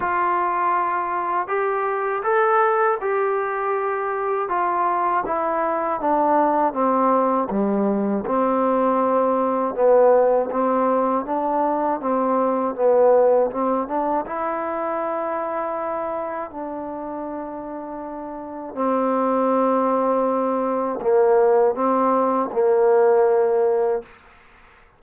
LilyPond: \new Staff \with { instrumentName = "trombone" } { \time 4/4 \tempo 4 = 80 f'2 g'4 a'4 | g'2 f'4 e'4 | d'4 c'4 g4 c'4~ | c'4 b4 c'4 d'4 |
c'4 b4 c'8 d'8 e'4~ | e'2 d'2~ | d'4 c'2. | ais4 c'4 ais2 | }